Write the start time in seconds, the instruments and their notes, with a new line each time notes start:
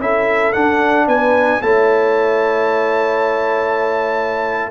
0.00 tuba C#4, trombone E4, horn A4, trumpet E5
0.53 trombone D4, tuba D4, trumpet F#5
1.07 tuba B3, horn B4, trumpet G#5
1.62 tuba A3, trombone E4, horn C#5, trumpet A5